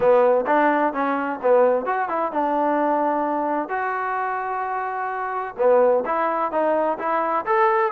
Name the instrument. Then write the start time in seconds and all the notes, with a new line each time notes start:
trombone
0.00 B3
0.46 D4
0.93 C#4
1.42 B3
1.85 F#4
2.08 E4
2.32 D4
3.68 F#4
5.57 B3
6.05 E4
6.51 D#4
6.98 E4
7.45 A4